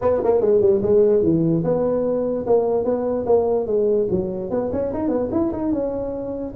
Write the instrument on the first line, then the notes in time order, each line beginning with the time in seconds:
tuba
0.01 B3
0.23 A#3
0.40 G#3
0.60 G3
0.82 G#3
1.22 E3
1.64 B3
2.46 A#3
2.84 B3
3.26 A#3
3.66 G#3
4.10 F#3
4.50 B3
4.72 C#4
4.93 D#4
5.08 B3
5.31 E4
5.52 D#4
5.72 C#4